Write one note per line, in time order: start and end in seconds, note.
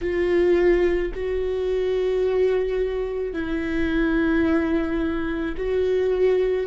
0.01 1.12 F4
1.14 3.33 F#4
3.33 5.55 E4
5.57 6.67 F#4